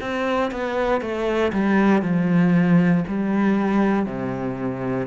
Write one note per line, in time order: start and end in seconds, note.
0.00 0.51 C4
0.51 1.01 B3
1.01 1.52 A3
1.52 2.02 G3
2.02 3.04 F3
3.07 4.06 G3
4.06 5.07 C3